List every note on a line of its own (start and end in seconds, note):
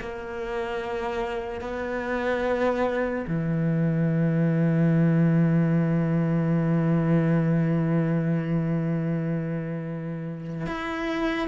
0.00 1.61 A#3
1.61 3.25 B3
3.27 10.67 E3
10.67 11.48 E4